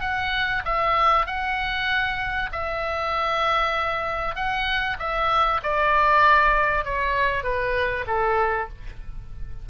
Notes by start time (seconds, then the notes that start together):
0.00 F#5
0.65 E5
1.26 F#5
2.52 E5
4.35 F#5
4.99 E5
5.63 D5
6.85 C#5
7.43 B4
8.07 A4